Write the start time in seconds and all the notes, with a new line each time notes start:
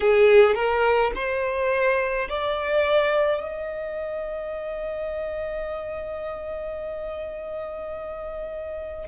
0.00 G#4
0.55 A#4
1.15 C5
2.28 D5
3.41 D#5